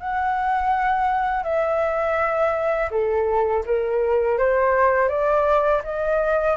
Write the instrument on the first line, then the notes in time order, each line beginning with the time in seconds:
flute
0.00 F#5
1.43 E5
2.91 A4
3.66 A#4
4.38 C5
5.09 D5
5.84 D#5